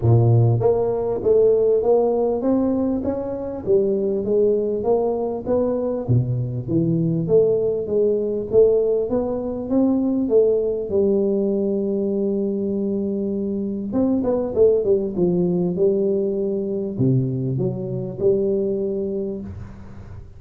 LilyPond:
\new Staff \with { instrumentName = "tuba" } { \time 4/4 \tempo 4 = 99 ais,4 ais4 a4 ais4 | c'4 cis'4 g4 gis4 | ais4 b4 b,4 e4 | a4 gis4 a4 b4 |
c'4 a4 g2~ | g2. c'8 b8 | a8 g8 f4 g2 | c4 fis4 g2 | }